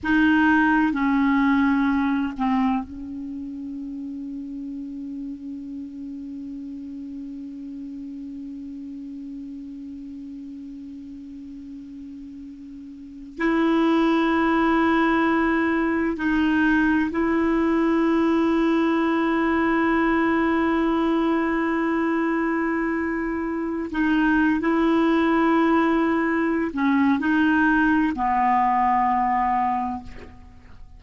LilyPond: \new Staff \with { instrumentName = "clarinet" } { \time 4/4 \tempo 4 = 64 dis'4 cis'4. c'8 cis'4~ | cis'1~ | cis'1~ | cis'2~ cis'16 e'4.~ e'16~ |
e'4~ e'16 dis'4 e'4.~ e'16~ | e'1~ | e'4. dis'8. e'4.~ e'16~ | e'8 cis'8 dis'4 b2 | }